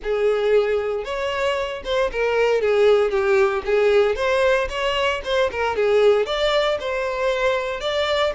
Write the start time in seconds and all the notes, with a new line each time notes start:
0.03 G#4
1.04 C#5
1.84 C5
2.12 A#4
2.61 G#4
3.10 G4
3.65 G#4
4.15 C5
4.69 C#5
5.24 C5
5.51 A#4
5.76 G#4
6.25 D5
6.79 C5
7.80 D5